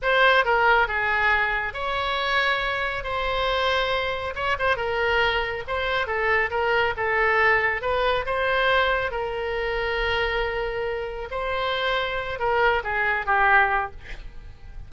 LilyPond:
\new Staff \with { instrumentName = "oboe" } { \time 4/4 \tempo 4 = 138 c''4 ais'4 gis'2 | cis''2. c''4~ | c''2 cis''8 c''8 ais'4~ | ais'4 c''4 a'4 ais'4 |
a'2 b'4 c''4~ | c''4 ais'2.~ | ais'2 c''2~ | c''8 ais'4 gis'4 g'4. | }